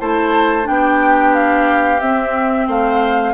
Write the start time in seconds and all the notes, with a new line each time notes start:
0.00 A3 E4 C5 A5
0.64 B3 D4 G5
0.71 G4
1.35 F5
2.00 C4 E5
2.68 A3 C5 F5